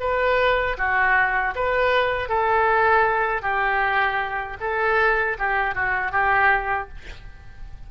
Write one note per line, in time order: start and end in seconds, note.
0.00 0.77 B4
0.78 1.55 F#4
1.56 2.29 B4
2.29 3.42 A4
3.42 4.58 G4
4.61 5.38 A4
5.39 5.75 G4
5.75 6.12 F#4
6.12 6.88 G4